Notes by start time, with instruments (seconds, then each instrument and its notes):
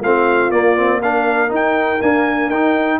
0.00 tuba A3, trombone C4, horn F4, trumpet F5
0.50 tuba A#3, trombone A#3, trumpet D5
0.76 trombone C4
1.01 trombone D4, horn A#4, trumpet F5
1.48 trombone D#4, tuba D#4
1.55 trumpet G5
2.02 trombone A#3, tuba D4, trumpet G#5
2.49 tuba D#4, trombone D#4, trumpet G5